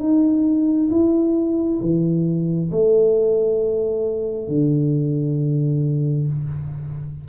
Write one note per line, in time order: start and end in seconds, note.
0.00 0.90 D#4
0.91 1.81 E4
1.82 2.71 E3
2.72 4.49 A3
4.49 6.28 D3